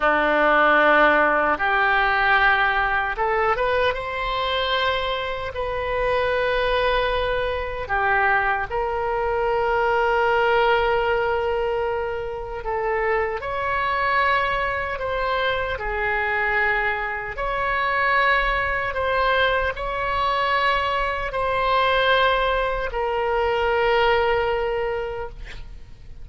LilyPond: \new Staff \with { instrumentName = "oboe" } { \time 4/4 \tempo 4 = 76 d'2 g'2 | a'8 b'8 c''2 b'4~ | b'2 g'4 ais'4~ | ais'1 |
a'4 cis''2 c''4 | gis'2 cis''2 | c''4 cis''2 c''4~ | c''4 ais'2. | }